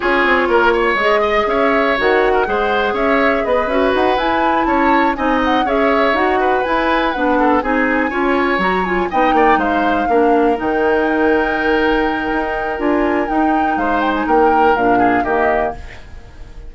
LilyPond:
<<
  \new Staff \with { instrumentName = "flute" } { \time 4/4 \tempo 4 = 122 cis''2 dis''4 e''4 | fis''2 e''4 dis''8 e''8 | fis''8 gis''4 a''4 gis''8 fis''8 e''8~ | e''8 fis''4 gis''4 fis''4 gis''8~ |
gis''4. ais''8 gis''8 g''4 f''8~ | f''4. g''2~ g''8~ | g''2 gis''4 g''4 | f''8 g''16 gis''16 g''4 f''4 dis''4 | }
  \new Staff \with { instrumentName = "oboe" } { \time 4/4 gis'4 ais'8 cis''4 dis''8 cis''4~ | cis''8. ais'16 c''4 cis''4 b'4~ | b'4. cis''4 dis''4 cis''8~ | cis''4 b'2 a'8 gis'8~ |
gis'8 cis''2 dis''8 d''8 c''8~ | c''8 ais'2.~ ais'8~ | ais'1 | c''4 ais'4. gis'8 g'4 | }
  \new Staff \with { instrumentName = "clarinet" } { \time 4/4 f'2 gis'2 | fis'4 gis'2~ gis'8 fis'8~ | fis'8 e'2 dis'4 gis'8~ | gis'8 fis'4 e'4 d'4 dis'8~ |
dis'8 f'4 fis'8 f'8 dis'4.~ | dis'8 d'4 dis'2~ dis'8~ | dis'2 f'4 dis'4~ | dis'2 d'4 ais4 | }
  \new Staff \with { instrumentName = "bassoon" } { \time 4/4 cis'8 c'8 ais4 gis4 cis'4 | dis4 gis4 cis'4 b8 cis'8 | dis'8 e'4 cis'4 c'4 cis'8~ | cis'8 dis'4 e'4 b4 c'8~ |
c'8 cis'4 fis4 b8 ais8 gis8~ | gis8 ais4 dis2~ dis8~ | dis4 dis'4 d'4 dis'4 | gis4 ais4 ais,4 dis4 | }
>>